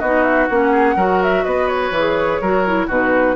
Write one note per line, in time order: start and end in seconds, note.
0.00 0.49 B3
0.00 0.50 D#4
0.00 0.71 F#4
0.00 0.23 D#5
0.23 0.47 E5
0.50 0.96 A#3
0.50 0.98 C#4
0.50 1.23 F#5
0.71 0.96 G#4
0.96 1.44 F#3
0.96 1.94 F#4
0.96 1.45 A#4
1.23 1.45 E5
1.45 1.91 B3
1.45 2.41 B4
1.45 1.68 D#5
1.68 2.88 C#5
1.91 2.39 E3
1.98 2.44 G#4
2.42 2.89 F#3
2.42 2.67 F#4
2.42 2.87 A#4
2.67 2.90 E4
2.87 3.36 B2
2.87 3.36 D#4
2.87 3.35 F#4
2.87 3.36 B4